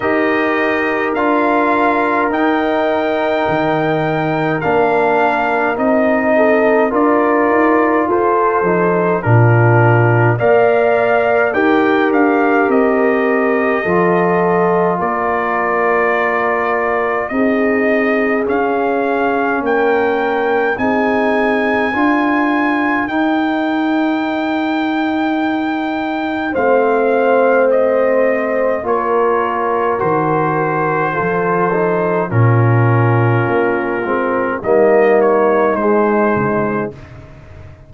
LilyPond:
<<
  \new Staff \with { instrumentName = "trumpet" } { \time 4/4 \tempo 4 = 52 dis''4 f''4 g''2 | f''4 dis''4 d''4 c''4 | ais'4 f''4 g''8 f''8 dis''4~ | dis''4 d''2 dis''4 |
f''4 g''4 gis''2 | g''2. f''4 | dis''4 cis''4 c''2 | ais'2 dis''8 cis''8 c''4 | }
  \new Staff \with { instrumentName = "horn" } { \time 4/4 ais'1~ | ais'4. a'8 ais'4 a'4 | f'4 d''4 ais'2 | a'4 ais'2 gis'4~ |
gis'4 ais'4 gis'4 ais'4~ | ais'2. c''4~ | c''4 ais'2 a'4 | f'2 dis'2 | }
  \new Staff \with { instrumentName = "trombone" } { \time 4/4 g'4 f'4 dis'2 | d'4 dis'4 f'4. dis'8 | d'4 ais'4 g'2 | f'2. dis'4 |
cis'2 dis'4 f'4 | dis'2. c'4~ | c'4 f'4 fis'4 f'8 dis'8 | cis'4. c'8 ais4 gis4 | }
  \new Staff \with { instrumentName = "tuba" } { \time 4/4 dis'4 d'4 dis'4 dis4 | ais4 c'4 d'8 dis'8 f'8 f8 | ais,4 ais4 dis'8 d'8 c'4 | f4 ais2 c'4 |
cis'4 ais4 c'4 d'4 | dis'2. a4~ | a4 ais4 dis4 f4 | ais,4 ais8 gis8 g4 gis8 cis8 | }
>>